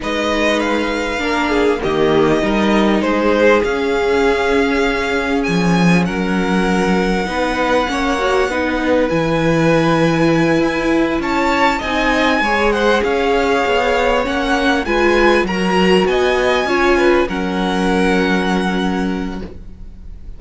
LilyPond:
<<
  \new Staff \with { instrumentName = "violin" } { \time 4/4 \tempo 4 = 99 dis''4 f''2 dis''4~ | dis''4 c''4 f''2~ | f''4 gis''4 fis''2~ | fis''2. gis''4~ |
gis''2~ gis''8 a''4 gis''8~ | gis''4 fis''8 f''2 fis''8~ | fis''8 gis''4 ais''4 gis''4.~ | gis''8 fis''2.~ fis''8 | }
  \new Staff \with { instrumentName = "violin" } { \time 4/4 b'2 ais'8 gis'8 g'4 | ais'4 gis'2.~ | gis'2 ais'2 | b'4 cis''4 b'2~ |
b'2~ b'8 cis''4 dis''8~ | dis''8 cis''8 c''8 cis''2~ cis''8~ | cis''8 b'4 ais'4 dis''4 cis''8 | b'8 ais'2.~ ais'8 | }
  \new Staff \with { instrumentName = "viola" } { \time 4/4 dis'2 d'4 ais4 | dis'2 cis'2~ | cis'1 | dis'4 cis'8 fis'8 dis'4 e'4~ |
e'2.~ e'8 dis'8~ | dis'8 gis'2. cis'8~ | cis'8 f'4 fis'2 f'8~ | f'8 cis'2.~ cis'8 | }
  \new Staff \with { instrumentName = "cello" } { \time 4/4 gis2 ais4 dis4 | g4 gis4 cis'2~ | cis'4 f4 fis2 | b4 ais4 b4 e4~ |
e4. e'4 cis'4 c'8~ | c'8 gis4 cis'4 b4 ais8~ | ais8 gis4 fis4 b4 cis'8~ | cis'8 fis2.~ fis8 | }
>>